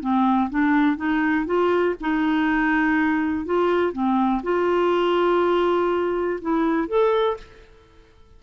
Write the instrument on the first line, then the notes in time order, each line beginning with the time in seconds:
clarinet
0.00 C4
0.49 D4
0.96 D#4
1.45 F4
2.00 D#4
3.45 F4
3.92 C4
4.43 F4
6.41 E4
6.87 A4